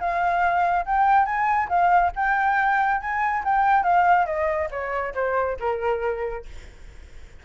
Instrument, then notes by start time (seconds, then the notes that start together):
flute
0.00 F5
0.86 G5
1.26 G#5
1.69 F5
2.16 G5
3.01 G#5
3.45 G5
3.84 F5
4.26 D#5
4.71 C#5
5.15 C5
5.60 A#4